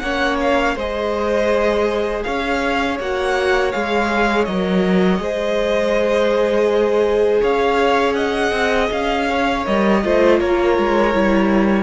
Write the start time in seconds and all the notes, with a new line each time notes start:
0.00 A#3 C#4 C#5 F#5
0.41 F5
0.76 G#3 G#4 C5 D#5
2.24 C#4 C#5 F5
3.00 A#3 F#4 F#5
3.72 G#3 G#4 F5
4.45 F#3 A#4 D#5
5.19 G#3 G#4 C5
7.42 C#4 C#5 F5
8.14 D#5 F#5
8.52 C4
8.92 C#4 F5
9.30 C#5
9.65 G3 A#4 D#5
10.03 A3 F4 C5
10.40 A#3 A#4 C#5
10.78 G#3
11.14 G3 E4